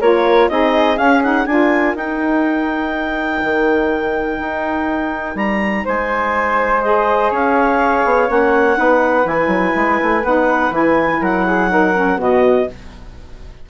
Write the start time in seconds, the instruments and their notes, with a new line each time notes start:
0.00 bassoon A#3, saxophone F4, flute A#4, clarinet C#5
0.49 bassoon C4, saxophone D#4, flute G#4, clarinet D#5
0.96 saxophone C#4, bassoon C#4, clarinet F5
1.23 saxophone D#4, clarinet F#5
1.46 bassoon D4, saxophone F4, flute A#4, clarinet G#5
1.95 bassoon D#4, saxophone D#4, clarinet G5
3.43 bassoon D#3
4.38 bassoon D#4
5.35 bassoon G3, clarinet A#5
5.85 bassoon G#3, flute C5, clarinet G#5
6.82 saxophone G#4, clarinet D#5
7.30 bassoon C#4, flute C#5, clarinet F5
8.04 bassoon B3
8.28 bassoon A#3, saxophone C#4, clarinet F#5
8.77 bassoon B3, saxophone D#4, flute B4
9.23 bassoon E3, saxophone E4, clarinet G#5
9.47 bassoon F#3
9.75 bassoon G#3
10.02 bassoon A3
10.23 bassoon B3, saxophone D#4, clarinet F#5
10.70 bassoon E3, saxophone E4, clarinet G#5
11.20 bassoon F#3, flute A#4, clarinet F#5
11.46 flute G#4
11.69 saxophone D#4, flute A#4
11.95 saxophone C#4
12.18 bassoon B2, saxophone B3, flute F#4, clarinet D#5